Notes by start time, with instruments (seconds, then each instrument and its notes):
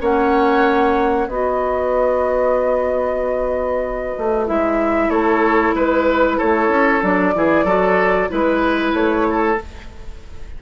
0.00 bassoon A#3, clarinet C#4, oboe C#5, flute F#5
1.28 bassoon B3, clarinet F#4, oboe B4, flute D#5
4.18 bassoon A3
4.47 bassoon G#3, clarinet E4, flute E5
5.09 bassoon A3, oboe A4, flute C#5
5.74 bassoon G#3, oboe B4, flute B4
6.37 bassoon A3, oboe A4, flute C#5
6.68 bassoon C#4
7.01 bassoon F#3, clarinet D4, flute D5
7.35 bassoon E3, clarinet E4, oboe G#4
7.64 bassoon F#3, clarinet F#4, oboe A4
8.29 bassoon G#3, clarinet E4, flute B4, oboe B4
8.93 bassoon A3, flute C#5
9.30 oboe A4